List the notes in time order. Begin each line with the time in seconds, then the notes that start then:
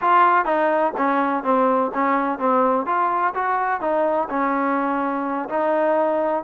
0.01 F4
0.45 D#4
0.97 C#4
1.43 C4
1.94 C#4
2.38 C4
2.86 F4
3.34 F#4
3.81 D#4
4.29 C#4
5.49 D#4